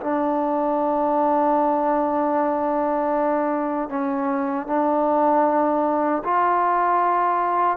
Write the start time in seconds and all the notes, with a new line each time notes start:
0.00 D4
3.89 C#4
4.67 D4
6.24 F4